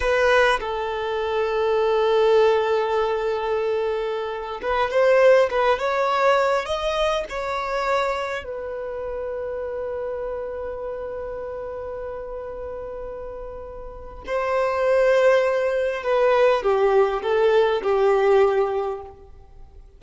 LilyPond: \new Staff \with { instrumentName = "violin" } { \time 4/4 \tempo 4 = 101 b'4 a'2.~ | a'2.~ a'8. b'16~ | b'16 c''4 b'8 cis''4. dis''8.~ | dis''16 cis''2 b'4.~ b'16~ |
b'1~ | b'1 | c''2. b'4 | g'4 a'4 g'2 | }